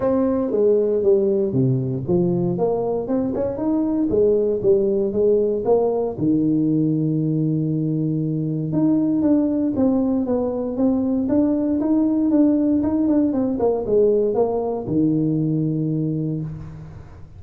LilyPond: \new Staff \with { instrumentName = "tuba" } { \time 4/4 \tempo 4 = 117 c'4 gis4 g4 c4 | f4 ais4 c'8 cis'8 dis'4 | gis4 g4 gis4 ais4 | dis1~ |
dis4 dis'4 d'4 c'4 | b4 c'4 d'4 dis'4 | d'4 dis'8 d'8 c'8 ais8 gis4 | ais4 dis2. | }